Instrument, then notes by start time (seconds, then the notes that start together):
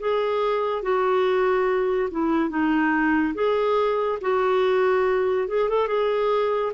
clarinet
0.00 G#4
0.83 F#4
2.11 E4
2.50 D#4
3.35 G#4
4.21 F#4
5.49 G#4
5.69 A4
5.88 G#4